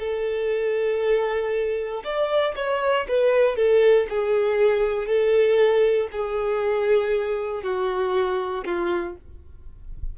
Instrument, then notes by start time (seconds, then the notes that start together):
violin
0.00 A4
2.05 D5
2.57 C#5
3.09 B4
3.57 A4
4.10 G#4
5.07 A4
6.12 G#4
7.64 F#4
8.65 F4